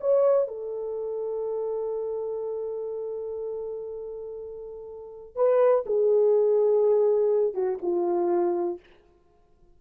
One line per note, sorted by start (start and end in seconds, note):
0.00 0.47 C#5
0.47 5.35 A4
5.35 5.84 B4
5.86 7.54 G#4
7.54 7.78 F#4
7.81 8.79 F4